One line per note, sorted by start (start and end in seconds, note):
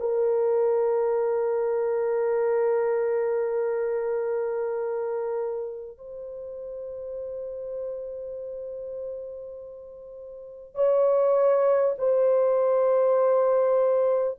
0.00 5.97 A#4
5.97 10.75 C5
10.75 11.95 C#5
11.98 14.38 C5